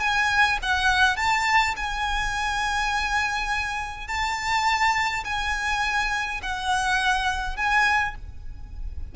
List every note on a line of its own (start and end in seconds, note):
0.00 0.58 G#5
0.62 1.17 F#5
1.17 1.75 A5
1.77 4.08 G#5
4.08 5.24 A5
5.25 6.41 G#5
6.43 7.56 F#5
7.56 8.15 G#5